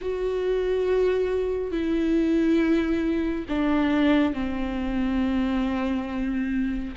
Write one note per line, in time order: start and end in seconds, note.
0.01 1.71 F#4
1.71 3.45 E4
3.49 4.33 D4
4.33 6.94 C4